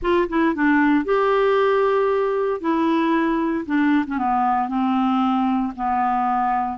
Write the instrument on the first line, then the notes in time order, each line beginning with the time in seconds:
clarinet
0.01 F4
0.28 E4
0.55 D4
1.04 G4
2.60 E4
3.66 D4
4.06 C#4
4.17 B3
4.68 C4
5.76 B3